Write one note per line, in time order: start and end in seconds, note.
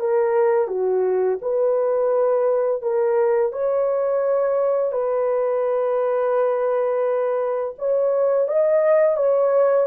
0.00 0.68 A#4
0.68 1.38 F#4
1.42 2.82 B4
2.82 3.53 A#4
3.53 4.92 C#5
4.92 7.75 B4
7.78 8.48 C#5
8.48 9.17 D#5
9.17 9.87 C#5